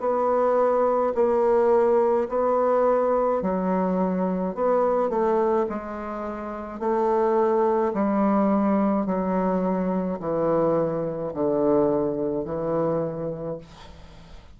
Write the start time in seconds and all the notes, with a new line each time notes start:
0.00 B3
1.15 A#3
2.28 B3
3.42 F#3
4.55 B3
5.09 A3
5.69 G#3
6.80 A3
7.93 G3
9.06 F#3
10.19 E3
11.34 D3
12.45 E3